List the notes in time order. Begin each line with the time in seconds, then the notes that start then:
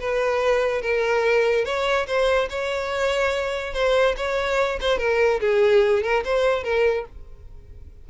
0.00 B4
0.81 A#4
1.65 C#5
2.07 C5
2.49 C#5
3.73 C5
4.16 C#5
4.80 C5
4.98 A#4
5.40 G#4
6.02 A#4
6.24 C5
6.63 A#4